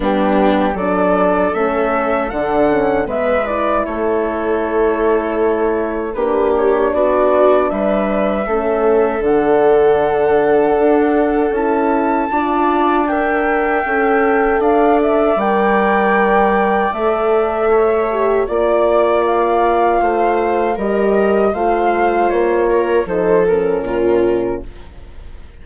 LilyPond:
<<
  \new Staff \with { instrumentName = "flute" } { \time 4/4 \tempo 4 = 78 g'4 d''4 e''4 fis''4 | e''8 d''8 cis''2. | b'8 cis''8 d''4 e''2 | fis''2. a''4~ |
a''4 g''2 f''8 e''8 | g''2 e''2 | d''4 f''2 dis''4 | f''4 cis''4 c''8 ais'4. | }
  \new Staff \with { instrumentName = "viola" } { \time 4/4 d'4 a'2. | b'4 a'2. | g'4 fis'4 b'4 a'4~ | a'1 |
d''4 e''2 d''4~ | d''2. cis''4 | d''2 c''4 ais'4 | c''4. ais'8 a'4 f'4 | }
  \new Staff \with { instrumentName = "horn" } { \time 4/4 b4 d'4 cis'4 d'8 cis'8 | b8 e'2.~ e'8 | d'2. cis'4 | d'2. e'4 |
f'4 ais'4 a'2 | ais'2 a'4. g'8 | f'2. g'4 | f'2 dis'8 cis'4. | }
  \new Staff \with { instrumentName = "bassoon" } { \time 4/4 g4 fis4 a4 d4 | gis4 a2. | ais4 b4 g4 a4 | d2 d'4 cis'4 |
d'2 cis'4 d'4 | g2 a2 | ais2 a4 g4 | a4 ais4 f4 ais,4 | }
>>